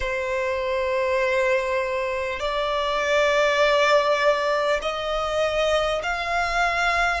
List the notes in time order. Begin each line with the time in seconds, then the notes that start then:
0.00 C5
2.39 D5
4.82 D#5
6.02 F5